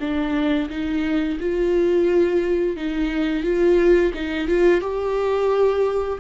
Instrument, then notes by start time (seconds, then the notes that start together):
viola
0.00 D4
0.69 D#4
1.40 F4
2.76 D#4
3.43 F4
4.14 D#4
4.47 F4
4.81 G4